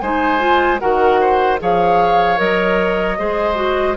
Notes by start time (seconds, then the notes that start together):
0.00 G#3 D#4 C5 G#5
0.39 F4
0.80 D#3 F#4 A#4 F#5
1.21 C5
1.60 F3 G#4 C#5 F5
2.37 F#3 A#4 D#5
3.19 G#3 G#4 C5
3.55 F#4